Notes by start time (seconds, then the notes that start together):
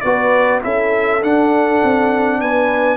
0.00 B3 F#4 B4 D5
0.62 C#4 E4 A4 E5
1.21 D4 F#5
1.83 C4
2.40 B3 B4 G#5